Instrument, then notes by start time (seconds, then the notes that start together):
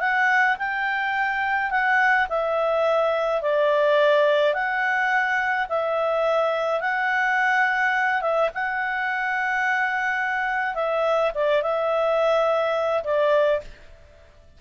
clarinet
0.00 F#5
0.59 G5
1.71 F#5
2.29 E5
3.42 D5
4.54 F#5
5.69 E5
6.81 F#5
8.21 E5
8.54 F#5
10.75 E5
11.35 D5
11.62 E5
13.04 D5